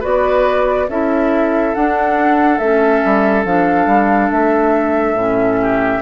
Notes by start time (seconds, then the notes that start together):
0.00 B3 F#4 B4 D5
0.88 C#4 E4 A4 E5
1.74 D4 F#5
2.58 A3 C#4 E5
3.05 G3
3.45 F3 D4 F5
3.86 G3
4.31 A3 E5
5.14 A2 C#4
5.61 G4